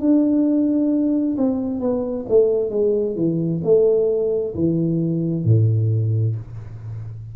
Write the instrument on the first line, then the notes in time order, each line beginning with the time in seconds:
tuba
0.00 D4
1.37 C4
1.80 B3
2.29 A3
2.70 G#3
3.16 E3
3.64 A3
4.55 E3
5.45 A2